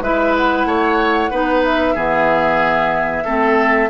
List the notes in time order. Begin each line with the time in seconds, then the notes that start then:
0.00 G#3 E4 B4 E5
0.36 F#5
0.65 A3 C#5
1.30 B3 D#4 B4
1.64 E5
1.94 E3 B3 G#4
3.24 A3 C4 A4